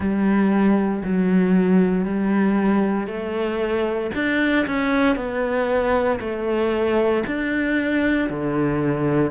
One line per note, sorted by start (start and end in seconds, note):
0.00 1.03 G3
1.03 2.05 F#3
2.05 3.07 G3
3.07 4.11 A3
4.14 4.66 D4
4.66 5.15 C#4
5.15 6.19 B3
6.20 7.23 A3
7.26 8.29 D4
8.29 9.31 D3